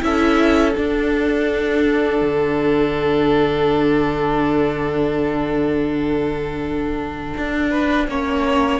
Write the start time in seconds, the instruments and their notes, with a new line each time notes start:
0.00 cello C#4, viola E4, violin A4 E5
0.75 viola D4, cello D4, violin F#5
2.21 cello D3
7.37 cello D4
7.70 violin B4
8.08 cello A#3, viola C#4, violin C#5